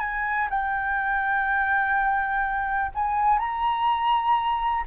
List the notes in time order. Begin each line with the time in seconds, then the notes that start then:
0.00 G#5
0.50 G5
2.95 G#5
3.39 A#5